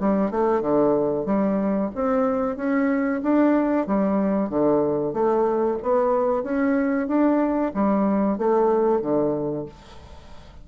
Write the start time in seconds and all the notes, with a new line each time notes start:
0.00 G3
0.31 A3
0.61 D3
1.26 G3
1.95 C4
2.57 C#4
3.23 D4
3.87 G3
4.49 D3
5.13 A3
5.82 B3
6.43 C#4
7.08 D4
7.74 G3
8.38 A3
9.01 D3